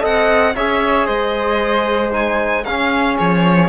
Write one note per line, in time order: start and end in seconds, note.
0.00 0.56 C4
0.00 0.53 A4
0.00 0.53 D#5
0.00 0.55 F#5
0.55 1.08 C#4
0.55 2.12 G#4
0.55 1.06 C#5
0.55 1.07 E5
1.06 2.65 G#3
1.06 2.64 C5
1.06 2.12 D#5
2.12 2.64 D#4
2.12 2.64 G#5
2.64 3.18 C#4
2.64 3.69 C#4
2.64 3.69 G#4
2.64 3.17 F5
3.18 3.69 F3
3.18 3.69 C#5